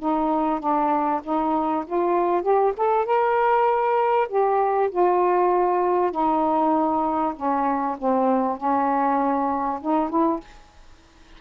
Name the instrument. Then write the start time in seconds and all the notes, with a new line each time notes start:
saxophone
0.00 D#4
0.60 D4
1.24 D#4
1.87 F4
2.43 G4
2.77 A4
3.06 A#4
4.29 G4
4.91 F4
6.12 D#4
7.36 C#4
7.99 C4
8.58 C#4
9.82 D#4
10.10 E4